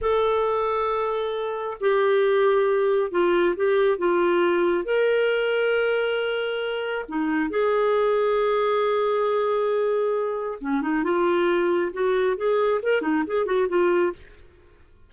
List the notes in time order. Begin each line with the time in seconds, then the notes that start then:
0.01 A4
1.80 G4
3.11 F4
3.56 G4
3.98 F4
4.84 A#4
7.08 D#4
7.50 G#4
10.60 C#4
10.81 D#4
11.03 F4
11.92 F#4
12.36 G#4
12.82 A#4
13.01 D#4
13.26 G#4
13.45 F#4
13.68 F4